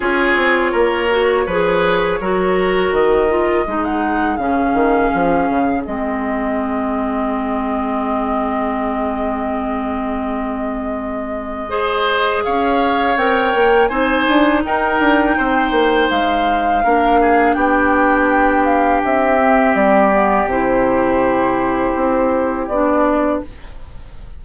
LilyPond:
<<
  \new Staff \with { instrumentName = "flute" } { \time 4/4 \tempo 4 = 82 cis''1 | dis''4~ dis''16 fis''8. f''2 | dis''1~ | dis''1~ |
dis''4 f''4 g''4 gis''4 | g''2 f''2 | g''4. f''8 e''4 d''4 | c''2. d''4 | }
  \new Staff \with { instrumentName = "oboe" } { \time 4/4 gis'4 ais'4 b'4 ais'4~ | ais'4 gis'2.~ | gis'1~ | gis'1 |
c''4 cis''2 c''4 | ais'4 c''2 ais'8 gis'8 | g'1~ | g'1 | }
  \new Staff \with { instrumentName = "clarinet" } { \time 4/4 f'4. fis'8 gis'4 fis'4~ | fis'8 f'8 dis'4 cis'2 | c'1~ | c'1 |
gis'2 ais'4 dis'4~ | dis'2. d'4~ | d'2~ d'8 c'4 b8 | e'2. d'4 | }
  \new Staff \with { instrumentName = "bassoon" } { \time 4/4 cis'8 c'8 ais4 f4 fis4 | dis4 gis4 cis8 dis8 f8 cis8 | gis1~ | gis1~ |
gis4 cis'4 c'8 ais8 c'8 d'8 | dis'8 d'8 c'8 ais8 gis4 ais4 | b2 c'4 g4 | c2 c'4 b4 | }
>>